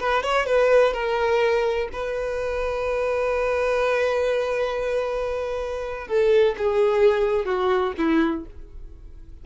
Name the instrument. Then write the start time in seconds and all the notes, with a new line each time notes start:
violin
0.00 B4
0.23 C#5
0.47 B4
0.94 A#4
1.93 B4
6.08 A4
6.58 G#4
7.46 F#4
7.98 E4